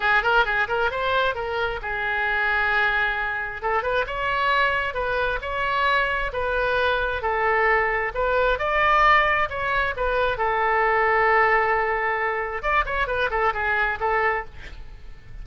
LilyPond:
\new Staff \with { instrumentName = "oboe" } { \time 4/4 \tempo 4 = 133 gis'8 ais'8 gis'8 ais'8 c''4 ais'4 | gis'1 | a'8 b'8 cis''2 b'4 | cis''2 b'2 |
a'2 b'4 d''4~ | d''4 cis''4 b'4 a'4~ | a'1 | d''8 cis''8 b'8 a'8 gis'4 a'4 | }